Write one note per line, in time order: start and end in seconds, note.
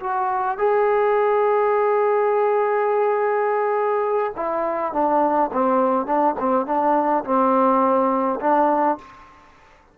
0.00 0.58 F#4
0.58 4.33 G#4
4.36 4.92 E4
4.92 5.50 D4
5.52 6.06 C4
6.06 6.35 D4
6.39 6.66 C4
6.66 7.24 D4
7.24 8.39 C4
8.40 8.98 D4